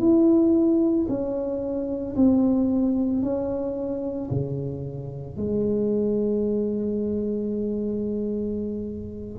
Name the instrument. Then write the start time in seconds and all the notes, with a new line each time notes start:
tuba
0.00 E4
1.09 C#4
2.16 C4
3.22 C#4
4.31 C#3
5.37 G#3